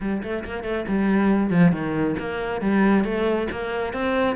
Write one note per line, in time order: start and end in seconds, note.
0.00 0.22 G3
0.22 0.44 A3
0.45 0.63 A#3
0.63 0.85 A3
0.88 1.50 G3
1.50 1.72 F3
1.72 2.15 D#3
2.19 2.61 A#3
2.61 3.04 G3
3.04 3.47 A3
3.51 3.93 A#3
3.93 4.36 C4